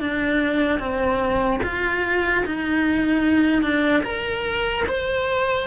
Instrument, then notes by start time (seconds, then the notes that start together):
cello
0.00 D4
0.79 C4
1.63 F4
2.46 D#4
3.62 D4
4.03 A#4
4.88 C5